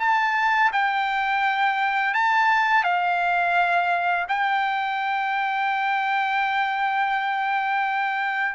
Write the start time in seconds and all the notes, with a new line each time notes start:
0.00 A5
0.73 G5
2.15 A5
2.84 F5
4.29 G5